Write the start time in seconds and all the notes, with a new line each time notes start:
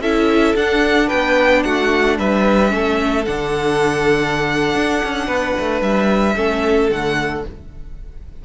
0.00 C#4 E4 A4 E5
0.56 D4 F#5
1.07 B3 B4 G5
1.63 A3 F#4 F#5
2.19 G3 B4 E5
2.69 A3 C#4 A4
3.25 D3 D4 F#5
4.75 D4
5.04 C#4
5.27 B3 B4
5.59 A3
5.82 G3 E5
6.36 A3 C#4 A4
6.91 D3 A3 F#5